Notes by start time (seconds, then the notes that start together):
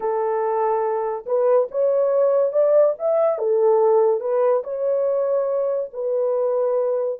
0.00 A4
1.26 B4
1.71 C#5
2.52 D5
2.98 E5
3.38 A4
4.20 B4
4.63 C#5
5.93 B4